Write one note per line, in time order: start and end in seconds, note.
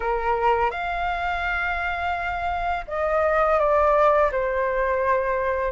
0.00 0.70 A#4
0.70 2.85 F5
2.87 3.59 D#5
3.59 4.31 D5
4.31 5.71 C5